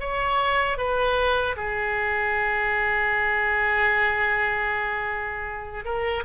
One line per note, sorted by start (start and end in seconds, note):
0.00 0.78 C#5
0.78 1.55 B4
1.56 5.84 G#4
5.84 6.23 A#4